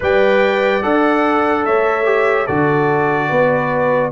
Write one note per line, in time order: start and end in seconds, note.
0.00 0.83 G3
0.00 0.81 B4
0.00 1.66 D5
0.00 0.82 G5
0.82 1.65 D4
0.82 2.04 A4
0.82 1.65 F#5
1.65 2.48 A3
1.65 2.45 C#5
1.65 2.46 E5
2.04 2.45 G4
2.45 3.30 D3
2.45 4.11 F#4
2.45 3.28 A4
2.45 4.11 D5
3.28 4.11 B3
3.28 4.10 B4